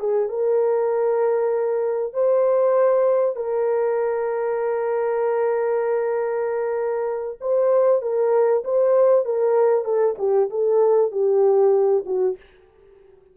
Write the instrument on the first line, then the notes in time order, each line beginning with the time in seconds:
horn
0.00 G#4
0.29 A#4
2.14 C5
3.36 A#4
7.41 C5
8.02 A#4
8.65 C5
9.25 A#4
9.85 A4
10.19 G4
10.50 A4
11.12 G4
12.06 F#4